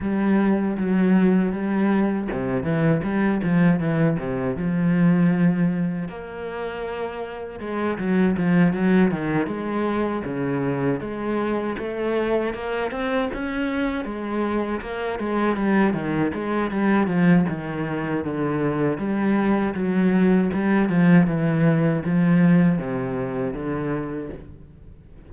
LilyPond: \new Staff \with { instrumentName = "cello" } { \time 4/4 \tempo 4 = 79 g4 fis4 g4 c8 e8 | g8 f8 e8 c8 f2 | ais2 gis8 fis8 f8 fis8 | dis8 gis4 cis4 gis4 a8~ |
a8 ais8 c'8 cis'4 gis4 ais8 | gis8 g8 dis8 gis8 g8 f8 dis4 | d4 g4 fis4 g8 f8 | e4 f4 c4 d4 | }